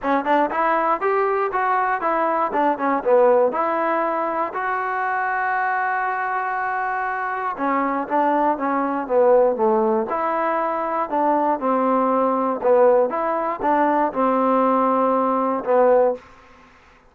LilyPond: \new Staff \with { instrumentName = "trombone" } { \time 4/4 \tempo 4 = 119 cis'8 d'8 e'4 g'4 fis'4 | e'4 d'8 cis'8 b4 e'4~ | e'4 fis'2.~ | fis'2. cis'4 |
d'4 cis'4 b4 a4 | e'2 d'4 c'4~ | c'4 b4 e'4 d'4 | c'2. b4 | }